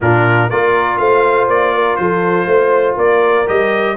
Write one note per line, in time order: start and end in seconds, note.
0.00 0.50 A#2
0.00 0.51 D4
0.00 0.50 F4
0.00 0.50 A#4
0.50 0.99 A#3
0.50 3.47 F4
0.50 0.99 A#4
0.50 0.98 D5
0.98 1.48 A3
0.98 1.74 C5
0.98 1.47 F5
1.48 1.97 A#3
1.48 1.96 D5
1.74 1.98 A#4
1.96 2.46 F3
1.96 2.47 A4
1.96 2.95 C5
2.46 2.95 A3
2.46 2.95 C5
2.95 3.47 A#3
2.95 3.94 A#4
2.95 3.47 D5
3.47 3.97 G3
3.47 3.96 G4
3.47 3.97 D#5